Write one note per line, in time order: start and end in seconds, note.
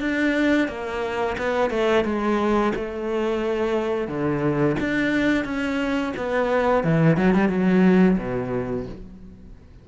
0.00 0.68 D4
0.68 1.36 A#3
1.38 1.70 B3
1.70 2.04 A3
2.04 2.72 G#3
2.75 4.08 A3
4.08 4.76 D3
4.79 5.45 D4
5.45 6.13 C#4
6.16 6.83 B3
6.83 7.17 E3
7.17 7.34 F#3
7.34 7.49 G3
7.49 8.17 F#3
8.18 8.86 B2